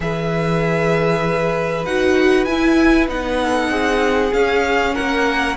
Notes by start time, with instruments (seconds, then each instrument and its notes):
0.00 cello E3, viola G#4, violin B4 E5
1.85 cello D#4, viola F#4, violin F#5
2.44 cello E4, viola E4, violin G#5
3.07 cello B3, viola D#4, violin F#5
3.42 violin A4
3.69 cello C4, violin G#4
4.33 viola C#4, cello C#4, violin F5
4.94 cello A#3, violin A#4 F#5